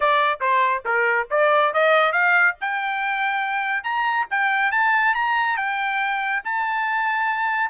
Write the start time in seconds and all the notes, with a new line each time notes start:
0.00 D5
0.40 C5
0.85 A#4
1.30 D5
1.73 D#5
2.12 F5
2.60 G5
3.83 A#5
4.30 G5
4.71 A5
5.14 A#5
5.57 G5
6.44 A5